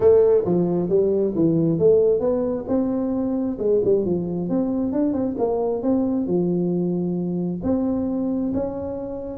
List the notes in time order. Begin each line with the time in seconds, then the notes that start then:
0.00 A3
0.45 F3
0.89 G3
1.35 E3
1.78 A3
2.20 B3
2.68 C4
3.58 G#3
3.84 G3
4.05 F3
4.49 C4
4.92 D4
5.13 C4
5.38 A#3
5.82 C4
6.26 F3
7.63 C4
8.54 C#4